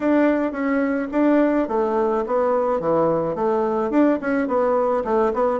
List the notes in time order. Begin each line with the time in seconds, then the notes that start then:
0.00 D4
0.52 C#4
1.11 D4
1.68 A3
2.26 B3
2.80 E3
3.35 A3
3.90 D4
4.21 C#4
4.47 B3
5.04 A3
5.33 B3